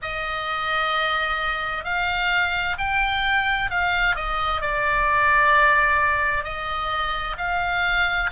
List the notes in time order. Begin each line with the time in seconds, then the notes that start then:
0.02 D#5
1.84 F5
2.78 G5
3.70 F5
4.15 D#5
4.61 D5
6.44 D#5
7.37 F5